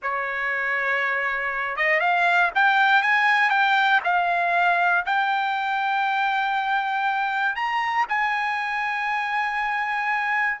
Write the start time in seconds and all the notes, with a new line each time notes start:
0.02 C#5
1.76 D#5
2.00 F5
2.54 G5
3.02 G#5
3.50 G5
4.04 F5
5.05 G5
7.55 A#5
8.08 G#5